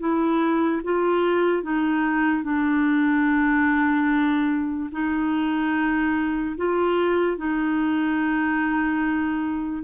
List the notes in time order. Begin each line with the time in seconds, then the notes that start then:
0.00 E4
0.84 F4
1.63 D#4
2.44 D4
4.92 D#4
6.57 F4
7.37 D#4